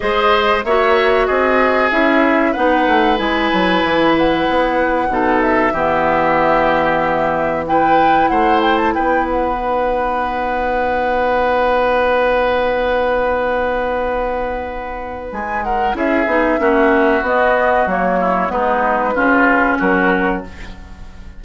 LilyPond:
<<
  \new Staff \with { instrumentName = "flute" } { \time 4/4 \tempo 4 = 94 dis''4 e''4 dis''4 e''4 | fis''4 gis''4. fis''4.~ | fis''8 e''2.~ e''8 | g''4 fis''8 g''16 a''16 g''8 fis''4.~ |
fis''1~ | fis''1 | gis''8 fis''8 e''2 dis''4 | cis''4 b'2 ais'4 | }
  \new Staff \with { instrumentName = "oboe" } { \time 4/4 c''4 cis''4 gis'2 | b'1 | a'4 g'2. | b'4 c''4 b'2~ |
b'1~ | b'1~ | b'8 ais'8 gis'4 fis'2~ | fis'8 e'8 dis'4 f'4 fis'4 | }
  \new Staff \with { instrumentName = "clarinet" } { \time 4/4 gis'4 fis'2 e'4 | dis'4 e'2. | dis'4 b2. | e'2. dis'4~ |
dis'1~ | dis'1~ | dis'4 e'8 dis'8 cis'4 b4 | ais4 b4 cis'2 | }
  \new Staff \with { instrumentName = "bassoon" } { \time 4/4 gis4 ais4 c'4 cis'4 | b8 a8 gis8 fis8 e4 b4 | b,4 e2.~ | e4 a4 b2~ |
b1~ | b1 | gis4 cis'8 b8 ais4 b4 | fis4 gis4 cis4 fis4 | }
>>